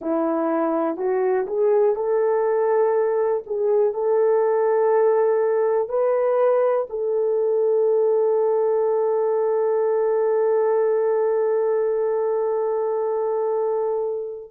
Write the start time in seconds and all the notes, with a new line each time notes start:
0.01 E4
0.97 F#4
1.47 G#4
1.95 A4
3.46 G#4
3.93 A4
5.88 B4
6.89 A4